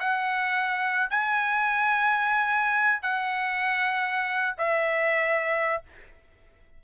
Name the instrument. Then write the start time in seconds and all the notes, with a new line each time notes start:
trumpet
0.00 F#5
1.10 G#5
3.02 F#5
4.58 E5